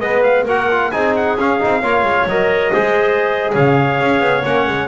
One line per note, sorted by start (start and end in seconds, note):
0.00 0.45 G#3
0.00 0.47 B3
0.00 0.45 B4
0.00 0.23 D#5
0.23 0.46 F5
0.45 0.91 A#3
0.45 0.70 F#4
0.45 0.90 A#4
0.45 0.91 F#5
0.71 0.92 F4
0.91 1.37 C4
0.91 1.38 D#4
0.91 1.82 G#4
0.91 1.14 G#5
1.16 1.39 F#5
1.37 1.60 C#4
1.37 2.29 F5
1.60 1.82 C4
1.60 1.82 D#4
1.82 2.03 A#3
1.82 2.29 F4
1.82 2.72 C#5
2.03 2.25 G#3
2.26 2.71 F#3
2.26 2.73 A#4
2.26 3.54 D#5
2.72 3.54 G#3
2.72 4.43 G#4
2.72 3.51 C5
3.53 4.00 C#3
3.53 4.88 C#5
3.53 4.45 F5
4.00 4.21 C#4
4.21 4.43 B3
4.44 4.67 A#3
4.44 4.88 C#4
4.44 4.88 F#5
4.67 4.88 G#3